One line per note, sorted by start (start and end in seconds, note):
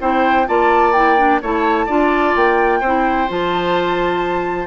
0.00 0.47 C4
0.00 0.46 E4
0.00 0.47 C5
0.00 0.47 G5
0.46 1.42 A#3
0.46 0.93 F4
0.46 1.41 D5
0.46 0.92 A5
0.92 1.17 E4
0.92 1.39 G5
1.17 1.41 D4
1.41 1.88 A3
1.41 1.88 E4
1.41 1.86 C#5
1.41 2.36 A5
1.86 2.35 D4
1.86 2.82 F4
1.86 2.79 D5
2.35 2.81 A#3
2.35 3.30 G5
2.80 3.28 C4
2.80 3.28 E4
2.80 4.67 C5
3.28 4.67 F3
3.28 4.67 F4
3.28 4.67 A5